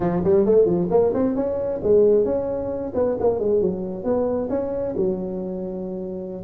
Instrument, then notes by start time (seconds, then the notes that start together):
tuba
0.00 F3
0.24 G3
0.45 A3
0.65 F3
0.90 A#3
1.14 C4
1.35 C#4
1.83 G#3
2.24 C#4
2.94 B3
3.19 A#3
3.39 G#3
3.61 F#3
4.04 B3
4.49 C#4
4.96 F#3